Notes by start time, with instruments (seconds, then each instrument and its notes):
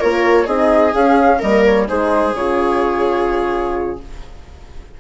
0.00 bassoon A#3, horn F4, viola A#4, flute C#5
0.44 bassoon C4, horn D#4, viola G#4, flute D#5
0.93 horn C#4, bassoon C#4, flute F5
1.38 bassoon G3, horn A#3, viola A#4, flute D#5
1.64 flute C#5
1.87 bassoon G#3, horn D#4, viola G#4, flute C5
2.34 bassoon C#3, horn F4, flute C#5